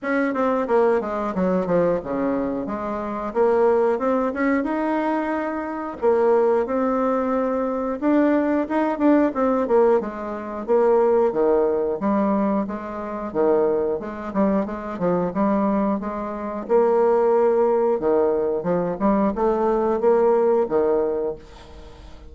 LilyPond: \new Staff \with { instrumentName = "bassoon" } { \time 4/4 \tempo 4 = 90 cis'8 c'8 ais8 gis8 fis8 f8 cis4 | gis4 ais4 c'8 cis'8 dis'4~ | dis'4 ais4 c'2 | d'4 dis'8 d'8 c'8 ais8 gis4 |
ais4 dis4 g4 gis4 | dis4 gis8 g8 gis8 f8 g4 | gis4 ais2 dis4 | f8 g8 a4 ais4 dis4 | }